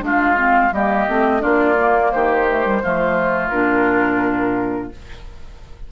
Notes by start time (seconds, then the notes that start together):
0.00 G#3 D4 F4 F5
0.36 C4
0.71 G3 A#3 G4 D#5
1.08 A3 C4
1.39 A#3 D4 F4 D5
1.78 A#3
2.11 D#3 G4 C5
2.48 A3
2.64 G3
2.82 F3 A3 F4
3.49 A#2 D4 A#4